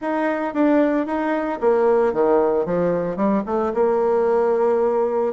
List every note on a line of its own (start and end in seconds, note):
0.01 0.54 D#4
0.54 1.06 D4
1.06 1.59 D#4
1.60 2.13 A#3
2.13 2.65 D#3
2.65 3.16 F3
3.16 3.42 G3
3.46 3.72 A3
3.73 5.33 A#3